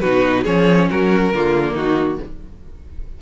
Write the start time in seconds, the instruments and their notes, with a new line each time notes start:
0.00 cello B2, viola D#4, violin F#4 B4
0.43 cello F3, viola C#4, violin G#4 C#5
0.91 cello F#3, violin F#4 A#4
1.33 cello D3, viola A#3, violin F4
1.74 cello D#3, violin D#4 F#4